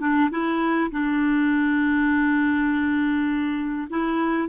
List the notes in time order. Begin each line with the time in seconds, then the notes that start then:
0.00 D4
0.31 E4
0.91 D4
3.90 E4